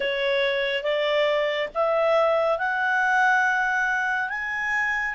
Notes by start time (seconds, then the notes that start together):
0.00 C#5
0.83 D5
1.74 E5
2.58 F#5
4.29 G#5